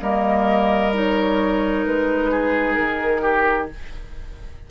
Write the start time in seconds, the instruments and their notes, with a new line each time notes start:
0.00 bassoon G3, clarinet A#3, oboe A#4, flute D#5
0.93 clarinet D#4, flute C#5
1.85 bassoon G#3, flute B4
2.31 oboe G#4
2.73 bassoon D#3, flute A#4
3.21 oboe G4